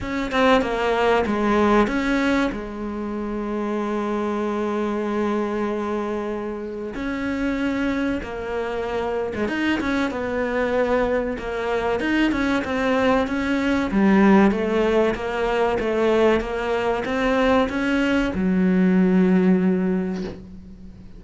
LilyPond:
\new Staff \with { instrumentName = "cello" } { \time 4/4 \tempo 4 = 95 cis'8 c'8 ais4 gis4 cis'4 | gis1~ | gis2. cis'4~ | cis'4 ais4.~ ais16 gis16 dis'8 cis'8 |
b2 ais4 dis'8 cis'8 | c'4 cis'4 g4 a4 | ais4 a4 ais4 c'4 | cis'4 fis2. | }